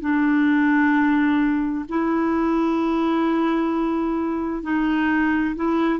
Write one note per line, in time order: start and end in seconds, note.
0.00 1.85 D4
1.88 4.63 E4
4.63 5.55 D#4
5.55 5.99 E4